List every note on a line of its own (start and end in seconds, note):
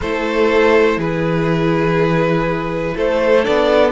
0.01 0.96 A3
0.01 3.42 E4
0.01 0.98 A4
0.01 0.99 C5
0.96 2.93 E3
0.96 2.94 G#4
0.96 2.97 B4
2.95 3.46 A3
2.95 3.91 A4
2.95 3.44 C5
3.42 3.91 B3
3.42 3.91 D4
3.42 3.91 D5